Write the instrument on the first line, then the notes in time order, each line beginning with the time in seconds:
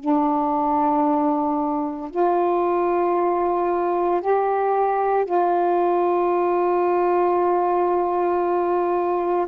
saxophone
0.00 D4
2.11 F4
4.21 G4
5.25 F4